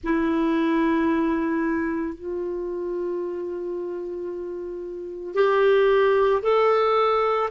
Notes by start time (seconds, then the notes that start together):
0.03 E4
2.15 F4
5.34 G4
6.42 A4